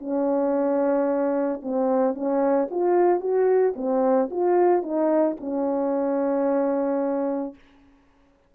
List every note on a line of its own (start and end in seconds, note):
0.00 1.61 C#4
1.63 2.15 C4
2.15 2.69 C#4
2.71 3.20 F4
3.20 3.74 F#4
3.76 4.30 C4
4.31 4.83 F4
4.83 5.37 D#4
5.41 7.55 C#4